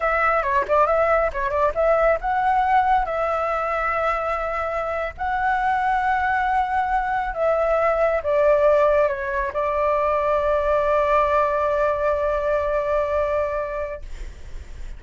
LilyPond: \new Staff \with { instrumentName = "flute" } { \time 4/4 \tempo 4 = 137 e''4 cis''8 d''8 e''4 cis''8 d''8 | e''4 fis''2 e''4~ | e''2.~ e''8. fis''16~ | fis''1~ |
fis''8. e''2 d''4~ d''16~ | d''8. cis''4 d''2~ d''16~ | d''1~ | d''1 | }